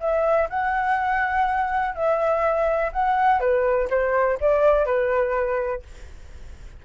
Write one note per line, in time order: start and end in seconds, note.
0.00 0.48 E5
0.50 1.95 F#5
1.95 2.92 E5
2.93 3.40 F#5
3.40 3.88 B4
3.90 4.39 C5
4.41 4.86 D5
4.86 5.82 B4